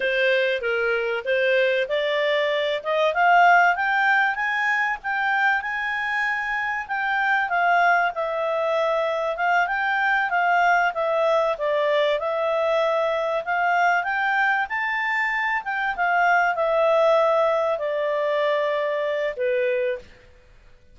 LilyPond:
\new Staff \with { instrumentName = "clarinet" } { \time 4/4 \tempo 4 = 96 c''4 ais'4 c''4 d''4~ | d''8 dis''8 f''4 g''4 gis''4 | g''4 gis''2 g''4 | f''4 e''2 f''8 g''8~ |
g''8 f''4 e''4 d''4 e''8~ | e''4. f''4 g''4 a''8~ | a''4 g''8 f''4 e''4.~ | e''8 d''2~ d''8 b'4 | }